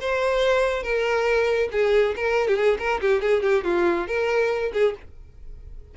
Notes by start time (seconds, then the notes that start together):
0.00 C5
0.82 A#4
1.71 G#4
2.16 A#4
2.47 G4
2.56 G#4
2.78 A#4
3.01 G4
3.21 G#4
3.42 G4
3.64 F4
4.07 A#4
4.73 G#4